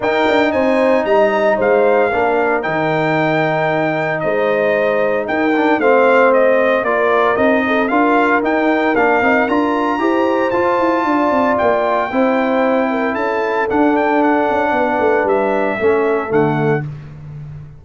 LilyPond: <<
  \new Staff \with { instrumentName = "trumpet" } { \time 4/4 \tempo 4 = 114 g''4 gis''4 ais''4 f''4~ | f''4 g''2. | dis''2 g''4 f''4 | dis''4 d''4 dis''4 f''4 |
g''4 f''4 ais''2 | a''2 g''2~ | g''4 a''4 fis''8 g''8 fis''4~ | fis''4 e''2 fis''4 | }
  \new Staff \with { instrumentName = "horn" } { \time 4/4 ais'4 c''4 dis''4 c''4 | ais'1 | c''2 ais'4 c''4~ | c''4 ais'4. a'8 ais'4~ |
ais'2. c''4~ | c''4 d''2 c''4~ | c''8 ais'8 a'2. | b'2 a'2 | }
  \new Staff \with { instrumentName = "trombone" } { \time 4/4 dis'1 | d'4 dis'2.~ | dis'2~ dis'8 d'8 c'4~ | c'4 f'4 dis'4 f'4 |
dis'4 d'8 dis'8 f'4 g'4 | f'2. e'4~ | e'2 d'2~ | d'2 cis'4 a4 | }
  \new Staff \with { instrumentName = "tuba" } { \time 4/4 dis'8 d'8 c'4 g4 gis4 | ais4 dis2. | gis2 dis'4 a4~ | a4 ais4 c'4 d'4 |
dis'4 ais8 c'8 d'4 e'4 | f'8 e'8 d'8 c'8 ais4 c'4~ | c'4 cis'4 d'4. cis'8 | b8 a8 g4 a4 d4 | }
>>